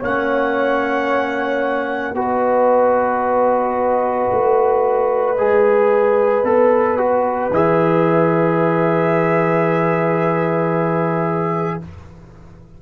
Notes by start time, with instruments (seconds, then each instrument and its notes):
0.00 tuba A#3, trombone C#4, horn C#5, trumpet F#5
2.14 tuba B3, trombone F#4, horn B4, trumpet D#5
4.33 tuba A3
5.38 tuba G#3, trombone G#4
6.43 tuba B3, trombone A4
6.98 trombone F#4
7.51 tuba E3, trombone G#4, trumpet E5